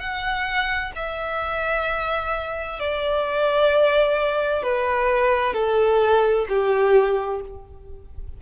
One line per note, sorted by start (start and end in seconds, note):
0.00 0.92 F#5
0.96 2.80 E5
2.80 4.63 D5
4.63 5.54 B4
5.54 6.46 A4
6.49 7.41 G4